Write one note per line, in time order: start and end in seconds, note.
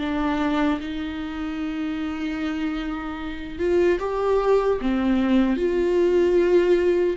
0.00 0.80 D4
0.81 3.59 D#4
3.59 3.99 F4
4.00 4.80 G4
4.82 5.57 C4
5.57 7.17 F4